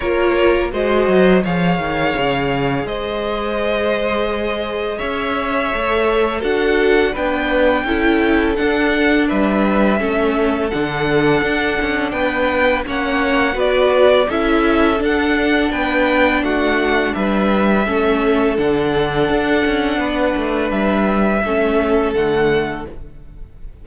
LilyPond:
<<
  \new Staff \with { instrumentName = "violin" } { \time 4/4 \tempo 4 = 84 cis''4 dis''4 f''2 | dis''2. e''4~ | e''4 fis''4 g''2 | fis''4 e''2 fis''4~ |
fis''4 g''4 fis''4 d''4 | e''4 fis''4 g''4 fis''4 | e''2 fis''2~ | fis''4 e''2 fis''4 | }
  \new Staff \with { instrumentName = "violin" } { \time 4/4 ais'4 c''4 cis''2 | c''2. cis''4~ | cis''4 a'4 b'4 a'4~ | a'4 b'4 a'2~ |
a'4 b'4 cis''4 b'4 | a'2 b'4 fis'4 | b'4 a'2. | b'2 a'2 | }
  \new Staff \with { instrumentName = "viola" } { \time 4/4 f'4 fis'4 gis'2~ | gis'1 | a'4 fis'4 d'4 e'4 | d'2 cis'4 d'4~ |
d'2 cis'4 fis'4 | e'4 d'2.~ | d'4 cis'4 d'2~ | d'2 cis'4 a4 | }
  \new Staff \with { instrumentName = "cello" } { \time 4/4 ais4 gis8 fis8 f8 dis8 cis4 | gis2. cis'4 | a4 d'4 b4 cis'4 | d'4 g4 a4 d4 |
d'8 cis'8 b4 ais4 b4 | cis'4 d'4 b4 a4 | g4 a4 d4 d'8 cis'8 | b8 a8 g4 a4 d4 | }
>>